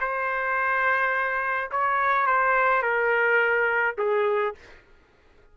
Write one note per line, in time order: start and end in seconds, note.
0.00 1.70 C5
1.71 2.26 C#5
2.26 2.82 C5
2.82 3.95 A#4
3.98 4.54 G#4